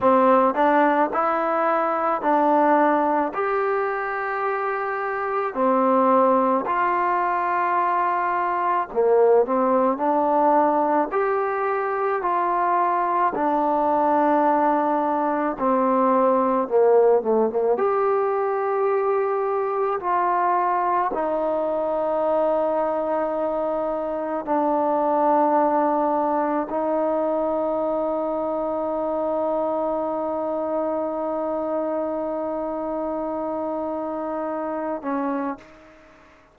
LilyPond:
\new Staff \with { instrumentName = "trombone" } { \time 4/4 \tempo 4 = 54 c'8 d'8 e'4 d'4 g'4~ | g'4 c'4 f'2 | ais8 c'8 d'4 g'4 f'4 | d'2 c'4 ais8 a16 ais16 |
g'2 f'4 dis'4~ | dis'2 d'2 | dis'1~ | dis'2.~ dis'8 cis'8 | }